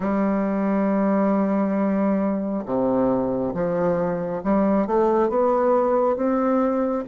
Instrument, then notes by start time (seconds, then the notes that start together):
bassoon
0.00 G3
2.65 C3
3.54 F3
4.43 G3
4.86 A3
5.29 B3
6.16 C4